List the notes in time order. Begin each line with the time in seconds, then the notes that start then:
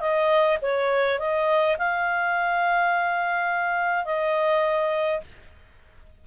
0.00 D#5
0.62 C#5
1.19 D#5
1.78 F5
4.05 D#5